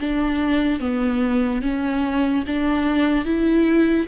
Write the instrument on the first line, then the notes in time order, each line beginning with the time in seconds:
viola
0.00 D4
0.80 B3
1.62 C#4
2.47 D4
3.25 E4